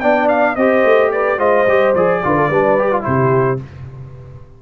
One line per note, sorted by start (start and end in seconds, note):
0.00 0.57 B3
0.00 0.57 D4
0.00 0.56 D5
0.00 0.28 G5
0.28 0.56 F5
0.56 0.84 C4
0.56 1.38 G4
0.56 1.12 C5
0.56 1.11 D#5
0.84 1.38 A3
1.12 1.38 B4
1.12 1.39 D5
1.38 1.66 G#3
1.38 1.66 F4
1.38 2.21 C5
1.38 1.94 D#5
1.67 1.94 G3
1.67 1.96 G4
1.95 2.22 F3
1.95 2.24 G#4
1.95 3.04 D5
2.24 2.50 D3
2.24 2.51 F4
2.24 2.37 B4
2.37 2.48 A4
2.48 3.05 G3
2.48 2.78 D4
2.48 3.03 B4
2.78 2.92 G4
2.92 3.01 F4
3.01 3.62 C3
3.01 3.56 E4
3.01 3.61 G4
3.01 3.59 C5